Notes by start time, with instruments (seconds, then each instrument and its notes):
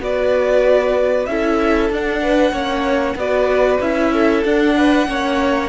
0.00 cello B3, viola F#4, violin B4 D5
1.26 cello C#4, viola E4, violin A4 E5
1.89 cello D4, viola D4, violin F#5
2.22 violin B4
2.51 cello A#3, viola C#4, violin C#5
3.15 cello B3, viola F#4, violin B4 D5
3.80 cello C#4, viola E4, violin E5
4.12 violin A4
4.44 cello D4, viola D4, violin F#5
4.77 violin B4
5.06 cello A#3, viola C#4, violin C#5